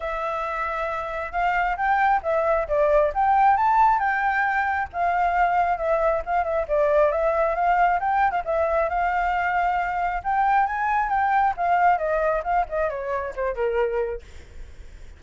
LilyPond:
\new Staff \with { instrumentName = "flute" } { \time 4/4 \tempo 4 = 135 e''2. f''4 | g''4 e''4 d''4 g''4 | a''4 g''2 f''4~ | f''4 e''4 f''8 e''8 d''4 |
e''4 f''4 g''8. f''16 e''4 | f''2. g''4 | gis''4 g''4 f''4 dis''4 | f''8 dis''8 cis''4 c''8 ais'4. | }